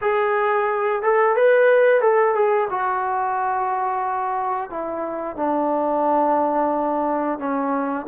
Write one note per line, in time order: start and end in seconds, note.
0.01 1.02 G#4
1.02 1.36 A4
1.36 2.01 B4
2.01 2.34 A4
2.34 2.68 G#4
2.70 4.69 F#4
4.69 5.36 E4
5.36 7.38 D4
7.38 8.06 C#4